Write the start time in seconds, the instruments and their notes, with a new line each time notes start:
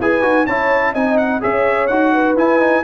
0.00 tuba E4, trombone G#4, horn B4, trumpet G#5
0.22 tuba D#4, trombone F#4
0.46 tuba C#4, trombone E4, horn C#5, trumpet A5
0.93 tuba C4, trombone D#4, horn D#5, trumpet G#5
1.18 trumpet F#5
1.41 tuba C#4, trombone G#4, horn C#5, trumpet E5
1.87 tuba D#4, trombone F#4, trumpet F#5
2.13 horn B4
2.36 tuba E4, trombone E4, trumpet G#5
2.60 trombone D#4